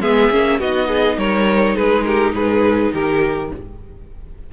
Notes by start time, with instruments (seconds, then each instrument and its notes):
0.00 cello G#3, viola B3, violin G#4 E5
0.31 cello A#3, viola C#4
0.59 cello B3, viola D#4, violin F#4 D#5
0.88 violin G#4
1.17 cello G3, violin A#4 C#5
1.75 cello G#3, violin G#4 B4
2.04 violin G4 A#4
2.33 cello G#2, violin G#4 B4
2.93 cello D#3, violin G4 A#4